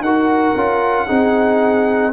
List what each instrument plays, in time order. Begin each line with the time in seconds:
0.00 tuba D#4, trombone F#4, horn A#4, trumpet F#5
0.55 tuba C#4, trombone F4
1.06 tuba C4, trombone D#4, horn G#4